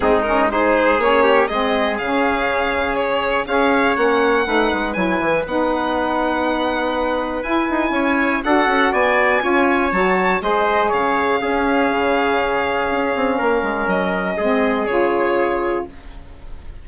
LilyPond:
<<
  \new Staff \with { instrumentName = "violin" } { \time 4/4 \tempo 4 = 121 gis'8 ais'8 c''4 cis''4 dis''4 | f''2 cis''4 f''4 | fis''2 gis''4 fis''4~ | fis''2. gis''4~ |
gis''4 fis''4 gis''2 | a''4 dis''4 f''2~ | f''1 | dis''2 cis''2 | }
  \new Staff \with { instrumentName = "trumpet" } { \time 4/4 dis'4 gis'4. g'8 gis'4~ | gis'2. cis''4~ | cis''4 b'2.~ | b'1 |
cis''4 a'4 d''4 cis''4~ | cis''4 c''4 cis''4 gis'4~ | gis'2. ais'4~ | ais'4 gis'2. | }
  \new Staff \with { instrumentName = "saxophone" } { \time 4/4 c'8 cis'8 dis'4 cis'4 c'4 | cis'2. gis'4 | cis'4 dis'4 e'4 dis'4~ | dis'2. e'4~ |
e'4 fis'2 f'4 | fis'4 gis'2 cis'4~ | cis'1~ | cis'4 c'4 f'2 | }
  \new Staff \with { instrumentName = "bassoon" } { \time 4/4 gis2 ais4 gis4 | cis2. cis'4 | ais4 a8 gis8 fis8 e8 b4~ | b2. e'8 dis'8 |
cis'4 d'8 cis'8 b4 cis'4 | fis4 gis4 cis4 cis'4 | cis2 cis'8 c'8 ais8 gis8 | fis4 gis4 cis2 | }
>>